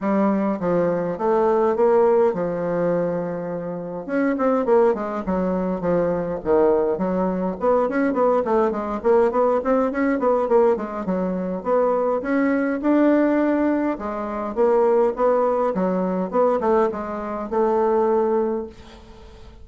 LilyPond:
\new Staff \with { instrumentName = "bassoon" } { \time 4/4 \tempo 4 = 103 g4 f4 a4 ais4 | f2. cis'8 c'8 | ais8 gis8 fis4 f4 dis4 | fis4 b8 cis'8 b8 a8 gis8 ais8 |
b8 c'8 cis'8 b8 ais8 gis8 fis4 | b4 cis'4 d'2 | gis4 ais4 b4 fis4 | b8 a8 gis4 a2 | }